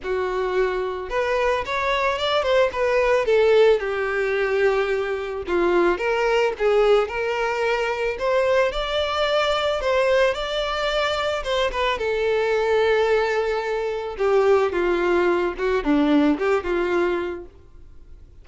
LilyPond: \new Staff \with { instrumentName = "violin" } { \time 4/4 \tempo 4 = 110 fis'2 b'4 cis''4 | d''8 c''8 b'4 a'4 g'4~ | g'2 f'4 ais'4 | gis'4 ais'2 c''4 |
d''2 c''4 d''4~ | d''4 c''8 b'8 a'2~ | a'2 g'4 f'4~ | f'8 fis'8 d'4 g'8 f'4. | }